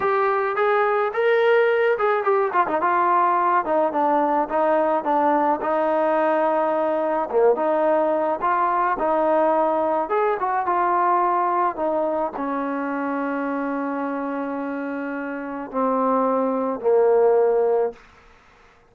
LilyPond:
\new Staff \with { instrumentName = "trombone" } { \time 4/4 \tempo 4 = 107 g'4 gis'4 ais'4. gis'8 | g'8 f'16 dis'16 f'4. dis'8 d'4 | dis'4 d'4 dis'2~ | dis'4 ais8 dis'4. f'4 |
dis'2 gis'8 fis'8 f'4~ | f'4 dis'4 cis'2~ | cis'1 | c'2 ais2 | }